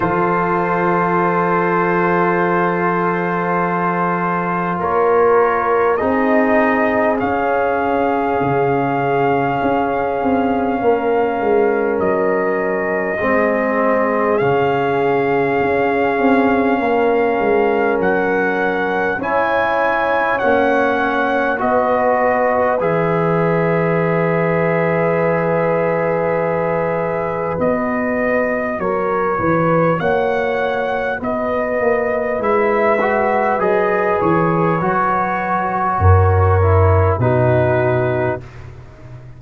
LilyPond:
<<
  \new Staff \with { instrumentName = "trumpet" } { \time 4/4 \tempo 4 = 50 c''1 | cis''4 dis''4 f''2~ | f''2 dis''2 | f''2. fis''4 |
gis''4 fis''4 dis''4 e''4~ | e''2. dis''4 | cis''4 fis''4 dis''4 e''4 | dis''8 cis''2~ cis''8 b'4 | }
  \new Staff \with { instrumentName = "horn" } { \time 4/4 a'1 | ais'4 gis'2.~ | gis'4 ais'2 gis'4~ | gis'2 ais'2 |
cis''2 b'2~ | b'1 | ais'8 b'8 cis''4 b'2~ | b'2 ais'4 fis'4 | }
  \new Staff \with { instrumentName = "trombone" } { \time 4/4 f'1~ | f'4 dis'4 cis'2~ | cis'2. c'4 | cis'1 |
e'4 cis'4 fis'4 gis'4~ | gis'2. fis'4~ | fis'2. e'8 fis'8 | gis'4 fis'4. e'8 dis'4 | }
  \new Staff \with { instrumentName = "tuba" } { \time 4/4 f1 | ais4 c'4 cis'4 cis4 | cis'8 c'8 ais8 gis8 fis4 gis4 | cis4 cis'8 c'8 ais8 gis8 fis4 |
cis'4 ais4 b4 e4~ | e2. b4 | fis8 e8 ais4 b8 ais8 gis4 | fis8 e8 fis4 fis,4 b,4 | }
>>